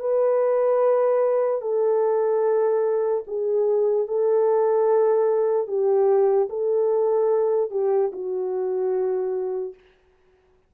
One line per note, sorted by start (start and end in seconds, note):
0.00 1.61 B4
1.61 3.24 A4
3.27 4.07 G#4
4.07 5.68 A4
5.68 6.49 G4
6.49 7.71 A4
7.71 8.12 G4
8.12 9.74 F#4